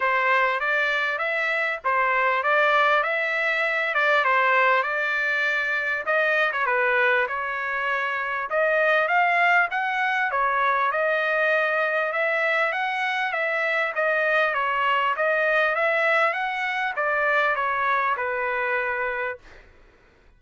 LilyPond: \new Staff \with { instrumentName = "trumpet" } { \time 4/4 \tempo 4 = 99 c''4 d''4 e''4 c''4 | d''4 e''4. d''8 c''4 | d''2 dis''8. cis''16 b'4 | cis''2 dis''4 f''4 |
fis''4 cis''4 dis''2 | e''4 fis''4 e''4 dis''4 | cis''4 dis''4 e''4 fis''4 | d''4 cis''4 b'2 | }